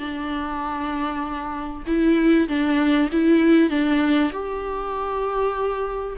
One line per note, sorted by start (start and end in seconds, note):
0.00 1.84 D4
1.87 2.49 E4
2.49 3.10 D4
3.13 3.70 E4
3.70 4.32 D4
4.33 6.16 G4